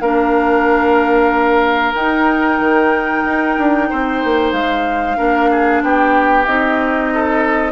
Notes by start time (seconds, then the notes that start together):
0.00 A#3 D4 A#4 F5
1.94 D#4 G5
2.60 D#3
3.25 D#4
3.58 D4
3.90 C4 C5
4.24 A#3
4.52 G#3 F5
5.16 A#3 D4 A#4
5.51 G#4
5.82 B3 G4 G5
6.46 C4 D#4 D#5
7.14 A4